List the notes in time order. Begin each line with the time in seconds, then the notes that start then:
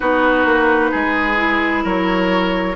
0.00 B3 D#4 F#4 B4
0.45 A#3
0.91 G#3 G#4
1.36 E4
1.83 F#3 A#4 C#5